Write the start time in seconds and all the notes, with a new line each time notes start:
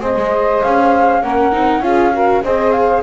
0.00 C4 G#4 C5 D#5
0.16 G#3
0.62 C#4 F5
1.21 A#3 C#4 A#4 F#5
1.52 C4 D#4
1.80 C#4 F4 G#4 F5
2.13 F#4 A#4
2.43 C4 G#4 C5 D#5
2.72 F5